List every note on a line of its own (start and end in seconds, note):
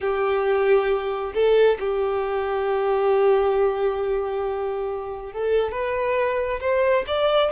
0.00 1.33 G4
1.34 1.78 A4
1.79 5.32 G4
5.32 5.71 A4
5.71 6.60 B4
6.60 7.04 C5
7.07 7.51 D5